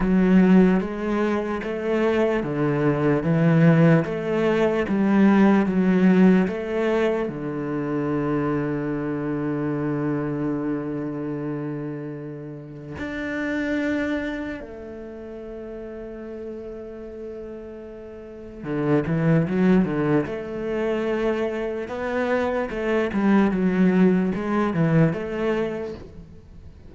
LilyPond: \new Staff \with { instrumentName = "cello" } { \time 4/4 \tempo 4 = 74 fis4 gis4 a4 d4 | e4 a4 g4 fis4 | a4 d2.~ | d1 |
d'2 a2~ | a2. d8 e8 | fis8 d8 a2 b4 | a8 g8 fis4 gis8 e8 a4 | }